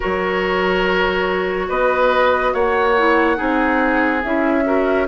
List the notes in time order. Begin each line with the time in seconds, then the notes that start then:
0.00 F#3 F#4 A#4 C#5
1.68 B3 B4 D#5
2.53 A#3 C#5 F#5
2.97 E4
3.36 C4 D#4 G#4
4.23 C#4 E4 E5
4.64 F#4 A#4